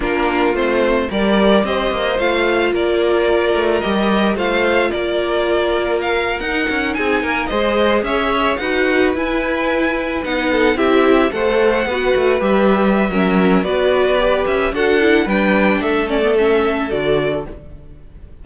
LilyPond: <<
  \new Staff \with { instrumentName = "violin" } { \time 4/4 \tempo 4 = 110 ais'4 c''4 d''4 dis''4 | f''4 d''2 dis''4 | f''4 d''2 f''8. fis''16~ | fis''8. gis''4 dis''4 e''4 fis''16~ |
fis''8. gis''2 fis''4 e''16~ | e''8. fis''2 e''4~ e''16~ | e''4 d''4. e''8 fis''4 | g''4 e''8 d''8 e''4 d''4 | }
  \new Staff \with { instrumentName = "violin" } { \time 4/4 f'2 ais'4 c''4~ | c''4 ais'2. | c''4 ais'2.~ | ais'8. gis'8 ais'8 c''4 cis''4 b'16~ |
b'2.~ b'16 a'8 g'16~ | g'8. c''4 b'2~ b'16 | ais'4 b'2 a'4 | b'4 a'2. | }
  \new Staff \with { instrumentName = "viola" } { \time 4/4 d'4 c'4 g'2 | f'2. g'4 | f'2.~ f'8. dis'16~ | dis'4.~ dis'16 gis'2 fis'16~ |
fis'8. e'2 dis'4 e'16~ | e'8. a'4 fis'4 g'4~ g'16 | cis'4 fis'4 g'4 fis'8 e'8 | d'4. cis'16 b16 cis'4 fis'4 | }
  \new Staff \with { instrumentName = "cello" } { \time 4/4 ais4 a4 g4 c'8 ais8 | a4 ais4. a8 g4 | a4 ais2~ ais8. dis'16~ | dis'16 cis'8 c'8 ais8 gis4 cis'4 dis'16~ |
dis'8. e'2 b4 c'16~ | c'8. a4 b8 a8 g4~ g16 | fis4 b4. cis'8 d'4 | g4 a2 d4 | }
>>